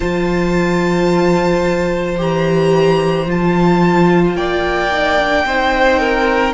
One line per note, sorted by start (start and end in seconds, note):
0.00 2.19 F3
0.00 2.16 F4
0.00 4.36 C5
0.00 2.17 A5
2.17 3.26 E3
2.17 3.26 G4
2.17 3.30 A#5
3.26 4.35 F3
3.26 4.90 F4
3.26 4.36 A5
4.35 5.44 A#3
4.35 5.45 D5
4.35 6.53 G5
4.91 5.18 D#4
5.18 5.45 D4
5.45 6.53 C4
5.45 6.53 D#4
5.45 5.99 C5
5.99 6.53 A#4